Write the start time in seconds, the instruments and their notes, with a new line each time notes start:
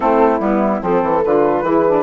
0.00 bassoon A3, saxophone C4, horn E4, flute A4
0.39 bassoon G3, saxophone B3, flute E4
0.81 bassoon F3, saxophone C4, horn A4, flute A4
1.02 bassoon E3
1.24 bassoon D3, saxophone F4, flute B4
1.62 bassoon E3, saxophone E4, horn G#4
1.87 saxophone D4